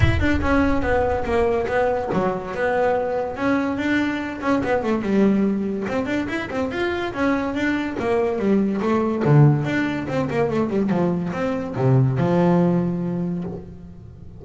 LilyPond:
\new Staff \with { instrumentName = "double bass" } { \time 4/4 \tempo 4 = 143 e'8 d'8 cis'4 b4 ais4 | b4 fis4 b2 | cis'4 d'4. cis'8 b8 a8 | g2 c'8 d'8 e'8 c'8 |
f'4 cis'4 d'4 ais4 | g4 a4 d4 d'4 | c'8 ais8 a8 g8 f4 c'4 | c4 f2. | }